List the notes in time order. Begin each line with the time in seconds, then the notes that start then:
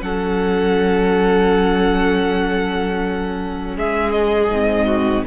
0.00 F#3 C#4 A4 F#5
3.76 G#3 G#4 E5
4.11 D#5
4.49 G#2 C4
4.86 F#4